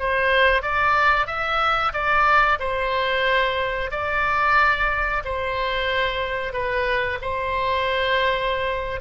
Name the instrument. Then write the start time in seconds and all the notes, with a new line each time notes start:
oboe
0.00 C5
0.63 D5
1.27 E5
1.93 D5
2.60 C5
3.91 D5
5.25 C5
6.53 B4
7.22 C5